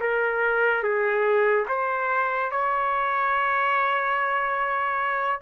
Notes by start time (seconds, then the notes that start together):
0.00 A#4
0.83 G#4
1.68 C5
2.51 C#5